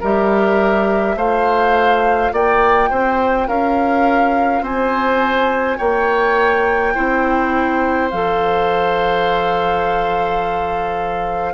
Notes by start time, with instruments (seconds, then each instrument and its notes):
0.00 bassoon G3, clarinet G4, oboe A#4, flute E5
1.16 bassoon A3, clarinet F4, oboe C5, flute F5
2.32 bassoon A#3, oboe D5, flute G5
2.90 bassoon C4, oboe C5
3.48 bassoon C#4, oboe A#4, flute F5
4.62 bassoon C4, oboe C5, flute G#5
5.78 bassoon A#3, oboe C#5, flute G5
6.94 bassoon C4, clarinet E4, oboe C5
8.11 bassoon F3, clarinet A4, flute F5